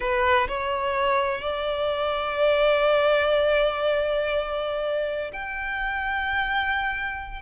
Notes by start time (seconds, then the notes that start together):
0.00 B4
0.47 C#5
1.41 D5
5.33 G5